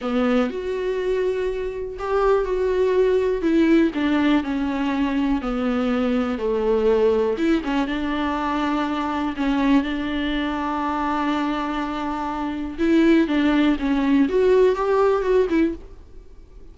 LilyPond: \new Staff \with { instrumentName = "viola" } { \time 4/4 \tempo 4 = 122 b4 fis'2. | g'4 fis'2 e'4 | d'4 cis'2 b4~ | b4 a2 e'8 cis'8 |
d'2. cis'4 | d'1~ | d'2 e'4 d'4 | cis'4 fis'4 g'4 fis'8 e'8 | }